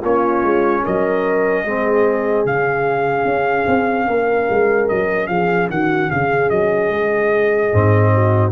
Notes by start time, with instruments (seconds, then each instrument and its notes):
0.00 tuba A#3, trombone C#4, horn F4, trumpet C#5
0.42 tuba G#3
0.83 tuba F#3, horn A#4, trumpet D#5
1.64 tuba G#3, trombone C4, horn G#4
2.45 tuba C#3, trombone C#4, trumpet F5
3.24 tuba C#4
3.67 tuba C4
4.07 tuba A#3, horn A#4
4.49 tuba G#3
4.89 tuba F#3, trumpet D#5
5.27 tuba F3, horn G#4, trumpet F5
5.69 tuba D#3, horn F#4, trumpet F#5
6.10 tuba C#3, horn G#4, trumpet F5
6.50 tuba F#3, trumpet D#5
6.89 tuba G#3
7.72 tuba G#2, trombone C4
8.13 horn F#4